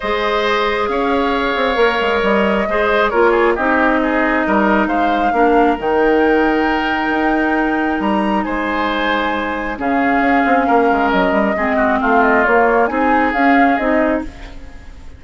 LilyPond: <<
  \new Staff \with { instrumentName = "flute" } { \time 4/4 \tempo 4 = 135 dis''2 f''2~ | f''4 dis''2 cis''4 | dis''2. f''4~ | f''4 g''2.~ |
g''2 ais''4 gis''4~ | gis''2 f''2~ | f''4 dis''2 f''8 dis''8 | cis''4 gis''4 f''4 dis''4 | }
  \new Staff \with { instrumentName = "oboe" } { \time 4/4 c''2 cis''2~ | cis''2 c''4 ais'8 gis'8 | g'4 gis'4 ais'4 c''4 | ais'1~ |
ais'2. c''4~ | c''2 gis'2 | ais'2 gis'8 fis'8 f'4~ | f'4 gis'2. | }
  \new Staff \with { instrumentName = "clarinet" } { \time 4/4 gis'1 | ais'2 gis'4 f'4 | dis'1 | d'4 dis'2.~ |
dis'1~ | dis'2 cis'2~ | cis'2 c'2 | ais4 dis'4 cis'4 dis'4 | }
  \new Staff \with { instrumentName = "bassoon" } { \time 4/4 gis2 cis'4. c'8 | ais8 gis8 g4 gis4 ais4 | c'2 g4 gis4 | ais4 dis2. |
dis'2 g4 gis4~ | gis2 cis4 cis'8 c'8 | ais8 gis8 fis8 g8 gis4 a4 | ais4 c'4 cis'4 c'4 | }
>>